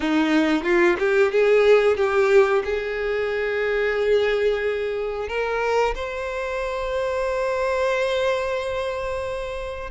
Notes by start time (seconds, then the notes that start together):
0.00 D#4
0.63 F4
0.99 G4
1.31 G#4
1.97 G4
2.64 G#4
5.28 A#4
5.95 C5